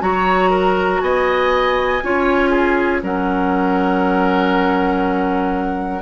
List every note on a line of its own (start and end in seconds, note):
0.00 1.01 F#3
0.00 2.00 F#4
0.00 0.50 C#5
0.00 1.01 A#5
0.50 1.00 A#4
1.01 2.02 B3
1.01 2.04 D#5
1.01 3.01 G#5
2.02 3.02 C#4
2.02 3.03 F4
2.02 2.50 C#5
2.50 3.00 G#4
3.03 6.02 F#3
3.03 6.02 C#4
3.03 6.02 A#4
3.03 6.02 F#5